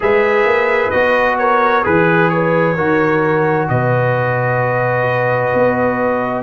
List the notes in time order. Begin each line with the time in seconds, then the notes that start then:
0.00 G#3 G#4 B4 E5
0.45 A#3
0.90 B3 F#4 D#5
1.37 A#4 C#5
1.83 E3 G#4 B4
2.29 B4 C#5
2.75 D#3 F#4 A#4
3.68 B2 B4 D#5
5.53 B3